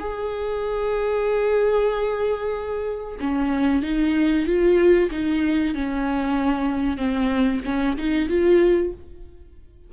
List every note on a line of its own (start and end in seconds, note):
0.00 3.19 G#4
3.20 3.83 C#4
3.83 4.47 D#4
4.47 5.10 F4
5.11 5.75 D#4
5.75 6.97 C#4
6.97 7.61 C4
7.65 7.97 C#4
7.98 8.29 D#4
8.29 8.93 F4